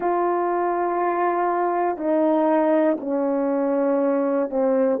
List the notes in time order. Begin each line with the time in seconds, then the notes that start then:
0.00 F4
1.97 D#4
3.00 C#4
4.50 C4